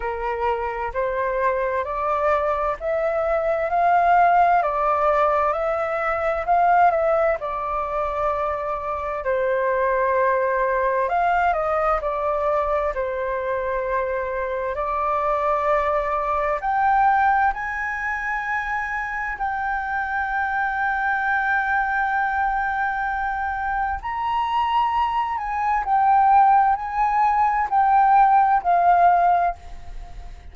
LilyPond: \new Staff \with { instrumentName = "flute" } { \time 4/4 \tempo 4 = 65 ais'4 c''4 d''4 e''4 | f''4 d''4 e''4 f''8 e''8 | d''2 c''2 | f''8 dis''8 d''4 c''2 |
d''2 g''4 gis''4~ | gis''4 g''2.~ | g''2 ais''4. gis''8 | g''4 gis''4 g''4 f''4 | }